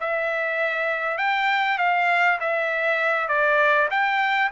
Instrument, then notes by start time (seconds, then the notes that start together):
trumpet
0.00 E5
1.18 G5
1.78 F5
2.40 E5
3.28 D5
3.90 G5